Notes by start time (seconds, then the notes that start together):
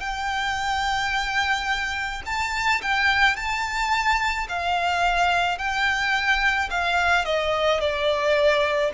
0.00 G5
2.26 A5
2.81 G5
3.36 A5
4.48 F5
5.58 G5
6.70 F5
7.25 D#5
7.80 D5